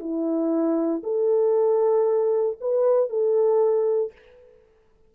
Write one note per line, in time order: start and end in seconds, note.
0.00 1.03 E4
1.04 2.58 A4
2.61 3.10 B4
3.10 4.13 A4